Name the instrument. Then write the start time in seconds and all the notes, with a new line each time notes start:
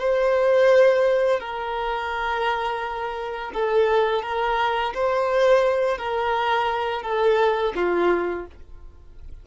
violin
0.00 C5
1.40 A#4
3.55 A4
4.23 A#4
4.95 C5
5.98 A#4
7.03 A4
7.76 F4